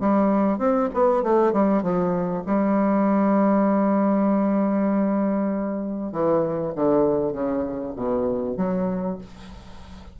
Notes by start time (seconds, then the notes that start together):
0.00 G3
0.58 C4
0.94 B3
1.23 A3
1.52 G3
1.82 F3
2.46 G3
6.12 E3
6.75 D3
7.32 C#3
7.95 B2
8.57 F#3